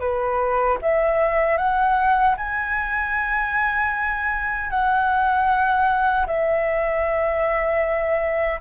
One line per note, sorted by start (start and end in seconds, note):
0.00 0.78 B4
0.82 1.58 E5
1.58 2.36 F#5
2.37 4.70 G#5
4.70 6.26 F#5
6.27 8.60 E5